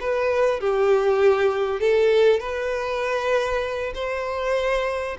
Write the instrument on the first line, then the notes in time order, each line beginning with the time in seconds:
violin
0.00 B4
0.60 G4
1.80 A4
2.40 B4
3.95 C5